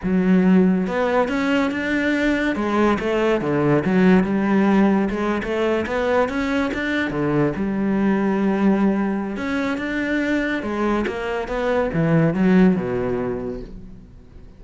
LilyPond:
\new Staff \with { instrumentName = "cello" } { \time 4/4 \tempo 4 = 141 fis2 b4 cis'4 | d'2 gis4 a4 | d4 fis4 g2 | gis8. a4 b4 cis'4 d'16~ |
d'8. d4 g2~ g16~ | g2 cis'4 d'4~ | d'4 gis4 ais4 b4 | e4 fis4 b,2 | }